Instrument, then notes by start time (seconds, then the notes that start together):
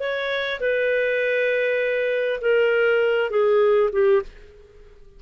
clarinet
0.00 C#5
0.60 B4
2.41 A#4
3.30 G#4
3.92 G4